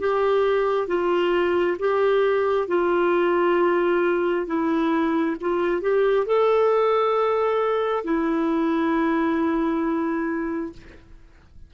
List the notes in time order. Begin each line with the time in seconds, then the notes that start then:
0.00 G4
0.88 F4
1.79 G4
2.68 F4
4.47 E4
5.41 F4
5.82 G4
6.26 A4
8.04 E4